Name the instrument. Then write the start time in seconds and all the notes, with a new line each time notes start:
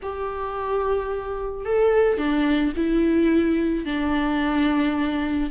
viola
0.02 G4
1.65 A4
2.17 D4
2.76 E4
3.85 D4